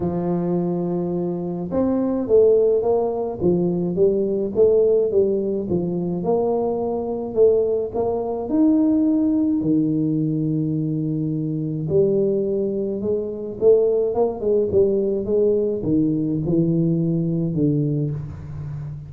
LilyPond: \new Staff \with { instrumentName = "tuba" } { \time 4/4 \tempo 4 = 106 f2. c'4 | a4 ais4 f4 g4 | a4 g4 f4 ais4~ | ais4 a4 ais4 dis'4~ |
dis'4 dis2.~ | dis4 g2 gis4 | a4 ais8 gis8 g4 gis4 | dis4 e2 d4 | }